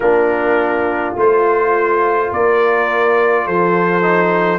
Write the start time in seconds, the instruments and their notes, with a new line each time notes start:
0.00 tuba A#3, trombone D4, horn F4, trumpet A#4
1.16 tuba A3, trombone F4, trumpet C5
2.31 tuba A#3, horn A#4, trumpet D5
3.45 tuba F3, horn A4, trumpet C5
4.01 trombone D#4